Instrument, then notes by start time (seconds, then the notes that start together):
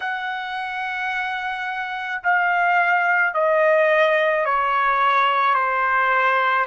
trumpet
0.00 F#5
2.23 F5
3.33 D#5
4.44 C#5
5.54 C5